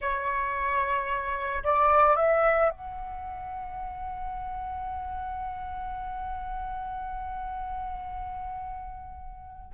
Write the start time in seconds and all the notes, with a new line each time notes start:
0.01 C#5
1.63 D5
2.15 E5
2.70 F#5